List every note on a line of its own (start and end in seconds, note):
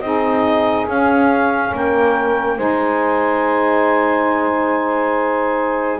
0.00 0.87 C4
0.00 0.88 D#4
0.00 1.72 G#4
0.00 0.86 D#5
0.87 1.73 C#4
0.87 2.57 C#4
0.87 1.75 F5
1.72 2.58 A#3
1.72 2.57 A#4
1.72 2.58 G5
2.57 6.00 G#3
2.57 6.00 D#4
2.57 6.00 C5
2.57 6.00 G#5